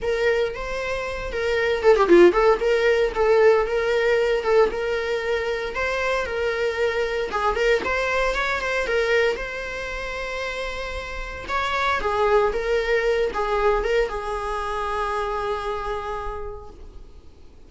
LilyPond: \new Staff \with { instrumentName = "viola" } { \time 4/4 \tempo 4 = 115 ais'4 c''4. ais'4 a'16 g'16 | f'8 a'8 ais'4 a'4 ais'4~ | ais'8 a'8 ais'2 c''4 | ais'2 gis'8 ais'8 c''4 |
cis''8 c''8 ais'4 c''2~ | c''2 cis''4 gis'4 | ais'4. gis'4 ais'8 gis'4~ | gis'1 | }